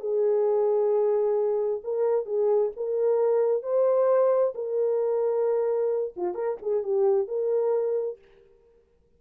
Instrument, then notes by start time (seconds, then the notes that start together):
horn
0.00 G#4
1.84 A#4
2.26 G#4
2.76 A#4
3.63 C5
4.55 A#4
6.17 F4
6.35 A#4
6.62 G#4
6.83 G4
7.28 A#4